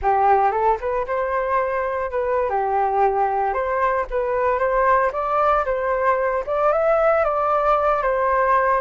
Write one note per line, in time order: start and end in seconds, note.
0.01 0.51 G4
0.51 0.77 A4
0.80 1.06 B4
1.06 2.11 C5
2.11 2.49 B4
2.49 3.53 G4
3.53 4.06 C5
4.10 4.58 B4
4.58 5.11 C5
5.12 5.65 D5
5.65 6.44 C5
6.46 6.72 D5
6.72 7.24 E5
7.24 8.02 D5
8.02 8.80 C5